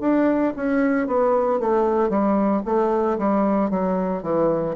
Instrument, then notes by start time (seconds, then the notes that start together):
bassoon
0.00 D4
0.56 C#4
1.07 B3
1.59 A3
2.09 G3
2.65 A3
3.18 G3
3.70 F#3
4.22 E3